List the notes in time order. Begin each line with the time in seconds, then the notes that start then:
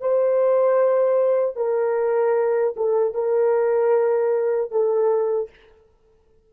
0.00 C5
1.56 A#4
2.76 A4
3.14 A#4
4.71 A4